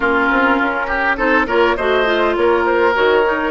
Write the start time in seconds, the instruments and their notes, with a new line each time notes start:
0.00 bassoon A#3, clarinet C#4, oboe F4, flute A#4
0.30 bassoon C4
0.60 bassoon C#4
0.87 oboe G4
1.16 bassoon C4, clarinet D#4, oboe A4, flute C5
1.46 bassoon A#3, clarinet F4, oboe A#4, flute C#5
1.76 bassoon A3, clarinet F#4, oboe C5, flute D#5
2.05 clarinet F4
2.35 bassoon A#3, oboe A#4, flute C#5
2.65 flute C5
2.94 bassoon D#3, clarinet F#4, flute C#5
3.24 clarinet D#4